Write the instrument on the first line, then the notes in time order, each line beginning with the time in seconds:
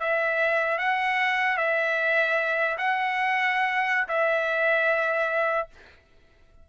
trumpet
0.00 E5
0.78 F#5
1.57 E5
2.78 F#5
4.09 E5